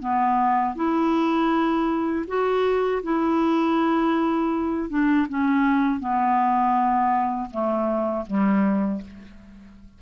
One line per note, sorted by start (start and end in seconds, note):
0.00 0.75 B3
0.76 2.26 E4
2.28 3.03 F#4
3.03 4.90 E4
4.90 5.27 D4
5.29 6.00 C#4
6.00 7.50 B3
7.51 8.26 A3
8.27 9.02 G3